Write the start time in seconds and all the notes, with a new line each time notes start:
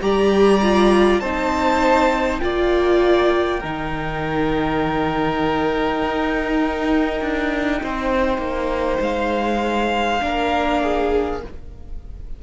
0.00 G3 G4 D5 A#5
0.62 F4
1.20 C4 D#4 C5 A5
2.39 A#3 F4 D5 G5
3.59 D#3 D#4 A#4
6.02 D#4
7.21 D4
7.83 C4 C5
8.38 A#3
9.00 G#3 F5
10.20 A#3 D4 A#4
10.82 G#4